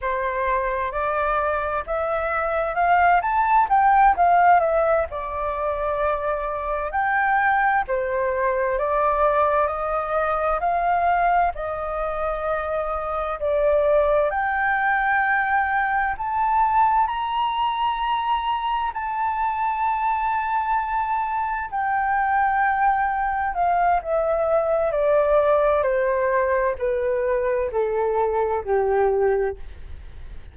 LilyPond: \new Staff \with { instrumentName = "flute" } { \time 4/4 \tempo 4 = 65 c''4 d''4 e''4 f''8 a''8 | g''8 f''8 e''8 d''2 g''8~ | g''8 c''4 d''4 dis''4 f''8~ | f''8 dis''2 d''4 g''8~ |
g''4. a''4 ais''4.~ | ais''8 a''2. g''8~ | g''4. f''8 e''4 d''4 | c''4 b'4 a'4 g'4 | }